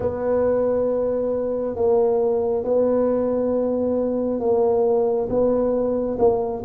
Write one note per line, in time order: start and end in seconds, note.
0.00 1.75 B3
1.75 2.64 A#3
2.64 4.40 B3
4.40 5.28 A#3
5.29 6.18 B3
6.18 6.63 A#3